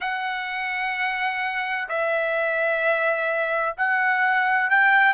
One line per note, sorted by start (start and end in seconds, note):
0.00 1.88 F#5
1.88 3.76 E5
3.77 4.70 F#5
4.70 5.13 G5